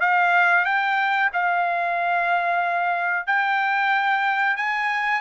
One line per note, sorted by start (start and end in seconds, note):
0.00 0.65 F5
0.65 1.30 G5
1.33 3.27 F5
3.27 4.57 G5
4.57 5.21 G#5